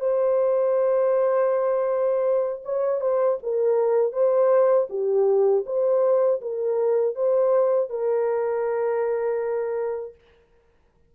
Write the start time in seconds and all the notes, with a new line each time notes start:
0.00 C5
2.65 C#5
3.01 C5
3.43 A#4
4.12 C5
4.90 G4
5.66 C5
6.42 A#4
7.15 C5
7.90 A#4